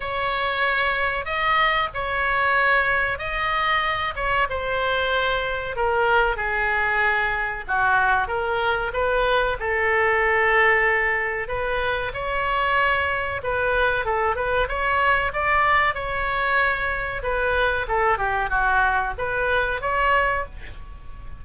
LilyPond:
\new Staff \with { instrumentName = "oboe" } { \time 4/4 \tempo 4 = 94 cis''2 dis''4 cis''4~ | cis''4 dis''4. cis''8 c''4~ | c''4 ais'4 gis'2 | fis'4 ais'4 b'4 a'4~ |
a'2 b'4 cis''4~ | cis''4 b'4 a'8 b'8 cis''4 | d''4 cis''2 b'4 | a'8 g'8 fis'4 b'4 cis''4 | }